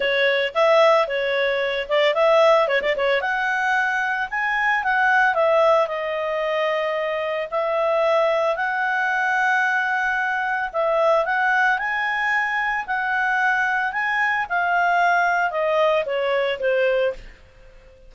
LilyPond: \new Staff \with { instrumentName = "clarinet" } { \time 4/4 \tempo 4 = 112 cis''4 e''4 cis''4. d''8 | e''4 cis''16 d''16 cis''8 fis''2 | gis''4 fis''4 e''4 dis''4~ | dis''2 e''2 |
fis''1 | e''4 fis''4 gis''2 | fis''2 gis''4 f''4~ | f''4 dis''4 cis''4 c''4 | }